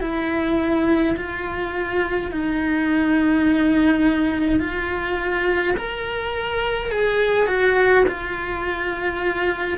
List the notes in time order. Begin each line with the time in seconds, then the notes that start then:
0.00 E4
1.16 F4
2.31 D#4
4.59 F4
5.76 A#4
6.91 G#4
7.46 F#4
8.07 F4